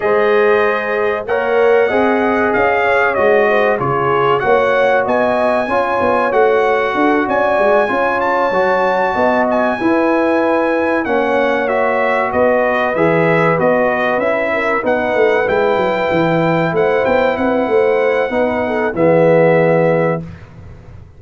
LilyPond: <<
  \new Staff \with { instrumentName = "trumpet" } { \time 4/4 \tempo 4 = 95 dis''2 fis''2 | f''4 dis''4 cis''4 fis''4 | gis''2 fis''4. gis''8~ | gis''4 a''2 gis''4~ |
gis''4. fis''4 e''4 dis''8~ | dis''8 e''4 dis''4 e''4 fis''8~ | fis''8 g''2 fis''8 g''8 fis''8~ | fis''2 e''2 | }
  \new Staff \with { instrumentName = "horn" } { \time 4/4 c''2 cis''4 dis''4~ | dis''8 cis''4 c''8 gis'4 cis''4 | dis''4 cis''2 a'8 d''8~ | d''8 cis''2 dis''4 b'8~ |
b'4. cis''2 b'8~ | b'2. ais'8 b'8~ | b'2~ b'8 c''4 b'8 | c''4 b'8 a'8 gis'2 | }
  \new Staff \with { instrumentName = "trombone" } { \time 4/4 gis'2 ais'4 gis'4~ | gis'4 fis'4 f'4 fis'4~ | fis'4 f'4 fis'2~ | fis'8 f'4 fis'2 e'8~ |
e'4. cis'4 fis'4.~ | fis'8 gis'4 fis'4 e'4 dis'8~ | dis'8 e'2.~ e'8~ | e'4 dis'4 b2 | }
  \new Staff \with { instrumentName = "tuba" } { \time 4/4 gis2 ais4 c'4 | cis'4 gis4 cis4 ais4 | b4 cis'8 b8 a4 d'8 cis'8 | gis8 cis'4 fis4 b4 e'8~ |
e'4. ais2 b8~ | b8 e4 b4 cis'4 b8 | a8 gis8 fis8 e4 a8 b8 c'8 | a4 b4 e2 | }
>>